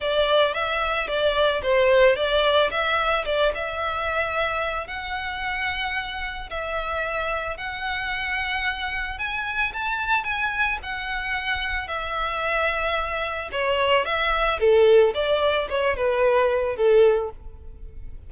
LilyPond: \new Staff \with { instrumentName = "violin" } { \time 4/4 \tempo 4 = 111 d''4 e''4 d''4 c''4 | d''4 e''4 d''8 e''4.~ | e''4 fis''2. | e''2 fis''2~ |
fis''4 gis''4 a''4 gis''4 | fis''2 e''2~ | e''4 cis''4 e''4 a'4 | d''4 cis''8 b'4. a'4 | }